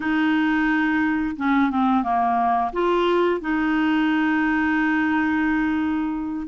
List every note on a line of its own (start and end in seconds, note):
0.00 1.35 D#4
1.36 1.70 C#4
1.70 2.03 C4
2.03 2.71 A#3
2.72 3.41 F4
3.41 6.47 D#4